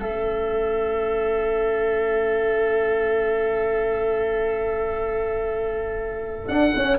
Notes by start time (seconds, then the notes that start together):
0.00 A3 C#4 A4 E5
6.47 D4 F#5
6.75 C#4